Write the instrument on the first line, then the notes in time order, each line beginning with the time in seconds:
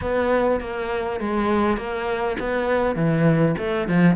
cello
0.01 B3
0.60 A#3
1.19 G#3
1.77 A#3
2.39 B3
2.95 E3
3.58 A3
3.87 F3